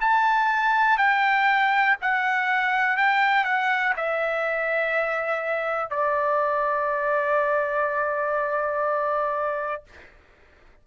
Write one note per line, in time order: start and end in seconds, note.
0.00 0.97 A5
0.97 1.96 G5
2.01 2.96 F#5
2.96 3.44 G5
3.44 3.93 F#5
3.96 5.90 E5
5.90 9.83 D5